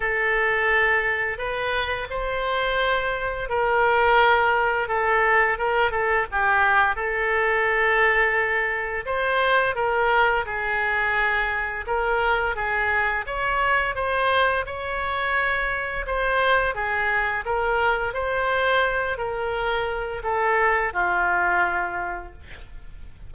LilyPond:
\new Staff \with { instrumentName = "oboe" } { \time 4/4 \tempo 4 = 86 a'2 b'4 c''4~ | c''4 ais'2 a'4 | ais'8 a'8 g'4 a'2~ | a'4 c''4 ais'4 gis'4~ |
gis'4 ais'4 gis'4 cis''4 | c''4 cis''2 c''4 | gis'4 ais'4 c''4. ais'8~ | ais'4 a'4 f'2 | }